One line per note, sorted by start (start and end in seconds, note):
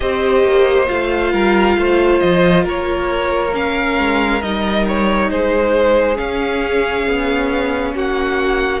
0.00 0.43 C4
0.00 0.86 G4
0.00 1.32 C5
0.00 0.87 D#5
0.43 0.87 A#3
0.86 1.33 A3
0.86 3.51 F4
0.86 2.19 F5
1.32 1.76 G3
1.32 1.76 A#4
1.76 2.20 A3
1.76 2.64 C5
2.19 2.65 F3
2.19 2.63 D#5
2.64 3.98 A#3
2.64 5.28 A#4
2.64 3.54 C#5
3.52 4.41 C#4
3.52 4.41 F5
3.98 4.42 G#3
4.41 5.30 G3
4.41 6.15 D#4
4.41 4.85 D#5
4.87 5.30 C#5
5.30 6.18 G#3
5.30 7.94 G#4
5.30 6.17 C5
6.15 8.80 C#4
6.15 7.06 C#4
6.15 7.93 F5
7.06 7.94 B3
7.94 8.80 A#3
7.94 8.80 F#4
7.94 8.80 F#5